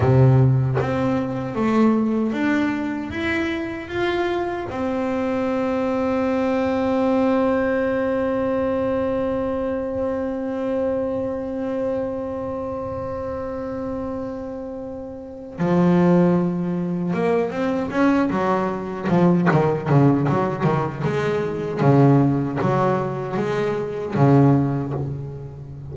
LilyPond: \new Staff \with { instrumentName = "double bass" } { \time 4/4 \tempo 4 = 77 c4 c'4 a4 d'4 | e'4 f'4 c'2~ | c'1~ | c'1~ |
c'1 | f2 ais8 c'8 cis'8 fis8~ | fis8 f8 dis8 cis8 fis8 dis8 gis4 | cis4 fis4 gis4 cis4 | }